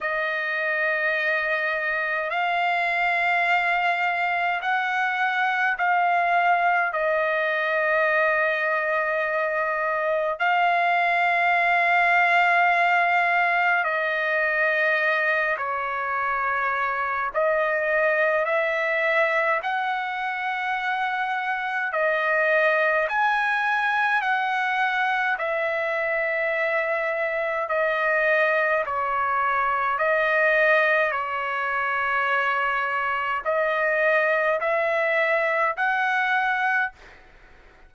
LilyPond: \new Staff \with { instrumentName = "trumpet" } { \time 4/4 \tempo 4 = 52 dis''2 f''2 | fis''4 f''4 dis''2~ | dis''4 f''2. | dis''4. cis''4. dis''4 |
e''4 fis''2 dis''4 | gis''4 fis''4 e''2 | dis''4 cis''4 dis''4 cis''4~ | cis''4 dis''4 e''4 fis''4 | }